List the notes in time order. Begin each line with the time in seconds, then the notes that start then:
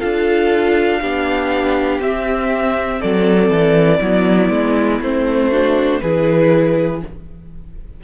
0.00 D4 F4 A4 F5
1.01 B3 D4 G4
2.00 C4 E5
3.00 F#3 A4 D5
3.50 E3
4.01 F#3 B3 E4
4.50 G#3
5.00 A3 C4 C5
5.50 D4 F#4
6.01 E3 E4 G#4 B4